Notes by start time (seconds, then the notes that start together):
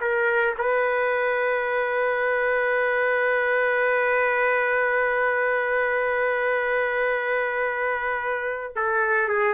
0.00 A#4
0.58 B4
8.75 A4
9.28 G#4